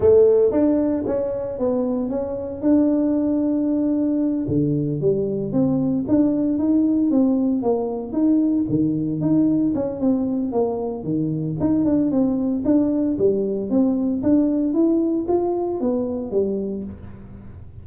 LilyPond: \new Staff \with { instrumentName = "tuba" } { \time 4/4 \tempo 4 = 114 a4 d'4 cis'4 b4 | cis'4 d'2.~ | d'8 d4 g4 c'4 d'8~ | d'8 dis'4 c'4 ais4 dis'8~ |
dis'8 dis4 dis'4 cis'8 c'4 | ais4 dis4 dis'8 d'8 c'4 | d'4 g4 c'4 d'4 | e'4 f'4 b4 g4 | }